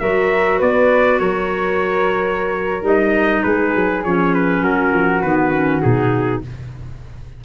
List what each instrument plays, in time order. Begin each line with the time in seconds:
0.00 tuba F#3, clarinet F#4, flute A#4, trumpet E5
0.59 tuba B3, flute B4, trumpet D5
1.19 tuba F#3, flute A#4, trumpet C#5
2.82 tuba G3, clarinet D#4, trumpet D#5
3.43 tuba G#3, flute G#4, trumpet B4
3.75 tuba F#3
4.04 tuba F3, clarinet C#4, trumpet C#5
4.34 trumpet B4
4.61 tuba F#3, flute F#4, trumpet A#4
4.93 tuba F3
5.22 tuba D#3, clarinet B3, trumpet B4
5.53 clarinet C#4
5.81 tuba B2, clarinet D#4, trumpet G#4